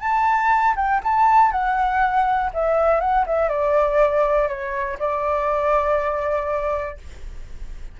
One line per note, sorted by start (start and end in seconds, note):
0.00 0.74 A5
0.76 1.01 G5
1.04 1.51 A5
1.51 2.51 F#5
2.54 3.00 E5
3.00 3.25 F#5
3.26 3.49 E5
3.49 4.48 D5
4.48 4.98 C#5
4.99 6.97 D5